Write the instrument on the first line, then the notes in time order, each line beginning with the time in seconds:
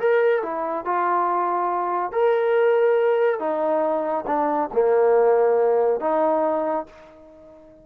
trombone
0.00 A#4
0.43 E4
0.85 F4
2.12 A#4
3.40 D#4
4.27 D4
4.73 A#3
6.01 D#4